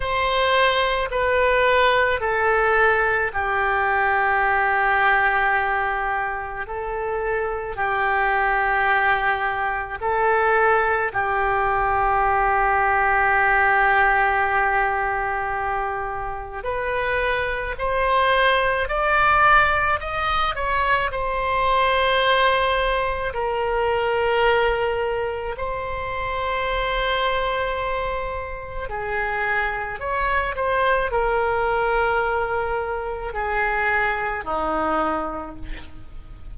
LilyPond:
\new Staff \with { instrumentName = "oboe" } { \time 4/4 \tempo 4 = 54 c''4 b'4 a'4 g'4~ | g'2 a'4 g'4~ | g'4 a'4 g'2~ | g'2. b'4 |
c''4 d''4 dis''8 cis''8 c''4~ | c''4 ais'2 c''4~ | c''2 gis'4 cis''8 c''8 | ais'2 gis'4 dis'4 | }